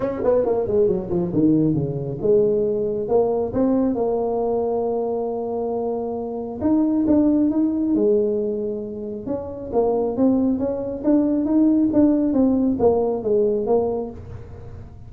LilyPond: \new Staff \with { instrumentName = "tuba" } { \time 4/4 \tempo 4 = 136 cis'8 b8 ais8 gis8 fis8 f8 dis4 | cis4 gis2 ais4 | c'4 ais2.~ | ais2. dis'4 |
d'4 dis'4 gis2~ | gis4 cis'4 ais4 c'4 | cis'4 d'4 dis'4 d'4 | c'4 ais4 gis4 ais4 | }